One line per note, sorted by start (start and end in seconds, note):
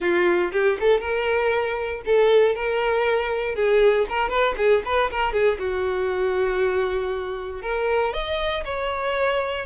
0.00 0.51 F4
0.52 0.77 G4
0.80 1.00 A4
1.00 2.02 A#4
2.05 2.55 A4
2.55 3.55 A#4
3.55 4.06 G#4
4.09 4.29 A#4
4.29 4.54 B4
4.57 4.82 G#4
4.85 5.10 B4
5.11 5.32 A#4
5.32 5.58 G#4
5.58 7.62 F#4
7.62 8.13 A#4
8.13 8.63 D#5
8.64 9.65 C#5